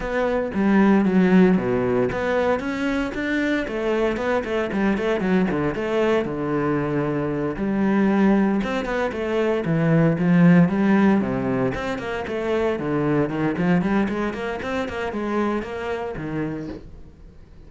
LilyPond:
\new Staff \with { instrumentName = "cello" } { \time 4/4 \tempo 4 = 115 b4 g4 fis4 b,4 | b4 cis'4 d'4 a4 | b8 a8 g8 a8 fis8 d8 a4 | d2~ d8 g4.~ |
g8 c'8 b8 a4 e4 f8~ | f8 g4 c4 c'8 ais8 a8~ | a8 d4 dis8 f8 g8 gis8 ais8 | c'8 ais8 gis4 ais4 dis4 | }